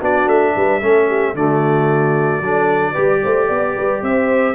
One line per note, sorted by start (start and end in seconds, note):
0.00 0.27 B3
0.00 0.81 D4
0.00 0.54 F#4
0.00 0.28 D5
0.27 0.54 A3
0.27 1.35 E5
0.56 0.81 G3
0.56 0.81 B4
0.81 1.34 A3
0.81 1.35 C#4
0.81 1.08 A4
1.08 1.35 G4
1.34 2.41 D3
1.34 2.43 A3
1.34 2.44 F#4
1.34 4.04 D5
2.41 2.94 F#3
2.41 2.94 D4
2.41 2.93 A4
2.93 3.24 G3
2.93 4.55 G4
2.93 3.19 B4
3.23 3.50 A3
3.23 3.47 C5
3.47 3.76 B3
3.47 3.73 D5
3.75 4.02 G3
3.75 4.02 B4
4.02 4.55 C4
4.02 4.55 C5
4.02 4.55 E5